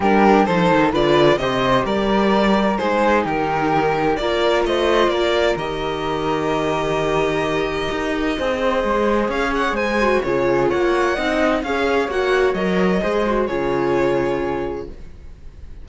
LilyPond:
<<
  \new Staff \with { instrumentName = "violin" } { \time 4/4 \tempo 4 = 129 ais'4 c''4 d''4 dis''4 | d''2 c''4 ais'4~ | ais'4 d''4 dis''4 d''4 | dis''1~ |
dis''1 | f''8 fis''8 gis''4 cis''4 fis''4~ | fis''4 f''4 fis''4 dis''4~ | dis''4 cis''2. | }
  \new Staff \with { instrumentName = "flute" } { \time 4/4 g'4 a'4 b'4 c''4 | ais'2 gis'4 g'4~ | g'4 ais'4 c''4 ais'4~ | ais'1~ |
ais'2 c''2 | cis''4 c''4 gis'4 cis''4 | dis''4 cis''2. | c''4 gis'2. | }
  \new Staff \with { instrumentName = "viola" } { \time 4/4 d'4 dis'4 f'4 g'4~ | g'2 dis'2~ | dis'4 f'2. | g'1~ |
g'2 gis'2~ | gis'4. fis'8 f'2 | dis'4 gis'4 fis'4 ais'4 | gis'8 fis'8 f'2. | }
  \new Staff \with { instrumentName = "cello" } { \time 4/4 g4 f8 dis8 d4 c4 | g2 gis4 dis4~ | dis4 ais4 a4 ais4 | dis1~ |
dis4 dis'4 c'4 gis4 | cis'4 gis4 cis4 ais4 | c'4 cis'4 ais4 fis4 | gis4 cis2. | }
>>